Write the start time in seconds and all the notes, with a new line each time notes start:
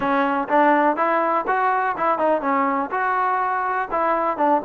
0.00 C#4
0.48 D4
0.96 E4
1.47 F#4
1.97 E4
2.18 D#4
2.41 C#4
2.90 F#4
3.91 E4
4.37 D4